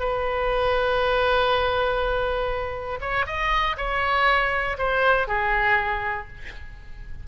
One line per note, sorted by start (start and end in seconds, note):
0.00 3.00 B4
3.01 3.26 C#5
3.27 3.77 D#5
3.77 4.77 C#5
4.78 5.28 C5
5.28 6.28 G#4